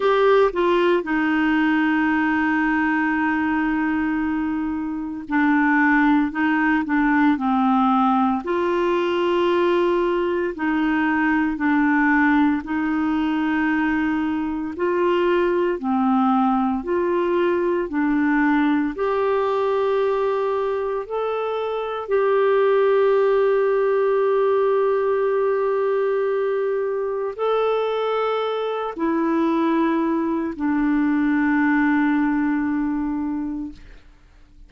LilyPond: \new Staff \with { instrumentName = "clarinet" } { \time 4/4 \tempo 4 = 57 g'8 f'8 dis'2.~ | dis'4 d'4 dis'8 d'8 c'4 | f'2 dis'4 d'4 | dis'2 f'4 c'4 |
f'4 d'4 g'2 | a'4 g'2.~ | g'2 a'4. e'8~ | e'4 d'2. | }